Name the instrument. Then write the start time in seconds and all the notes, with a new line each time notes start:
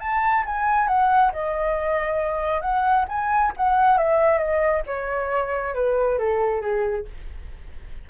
flute
0.00 A5
0.46 G#5
0.87 F#5
1.32 D#5
2.61 F#5
3.08 G#5
3.57 F#5
3.97 E5
4.38 D#5
4.87 C#5
5.75 B4
6.18 A4
6.61 G#4